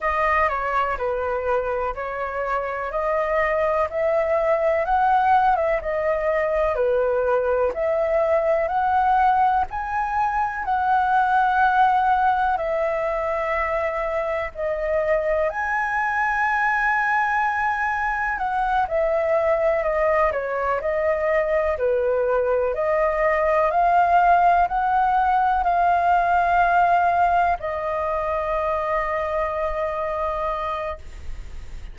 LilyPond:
\new Staff \with { instrumentName = "flute" } { \time 4/4 \tempo 4 = 62 dis''8 cis''8 b'4 cis''4 dis''4 | e''4 fis''8. e''16 dis''4 b'4 | e''4 fis''4 gis''4 fis''4~ | fis''4 e''2 dis''4 |
gis''2. fis''8 e''8~ | e''8 dis''8 cis''8 dis''4 b'4 dis''8~ | dis''8 f''4 fis''4 f''4.~ | f''8 dis''2.~ dis''8 | }